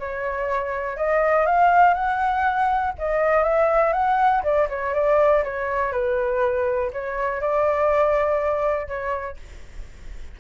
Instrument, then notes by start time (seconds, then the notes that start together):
flute
0.00 C#5
0.97 D#5
1.47 F5
1.95 F#5
2.99 D#5
3.44 E5
3.93 F#5
4.44 D5
4.69 C#5
4.95 D5
5.44 C#5
5.93 B4
6.93 C#5
7.41 D5
8.88 C#5